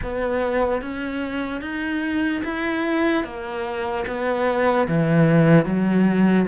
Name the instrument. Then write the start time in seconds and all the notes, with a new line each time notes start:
cello
0.02 B3
0.81 C#4
1.61 D#4
2.44 E4
3.24 A#3
4.06 B3
4.88 E3
5.65 F#3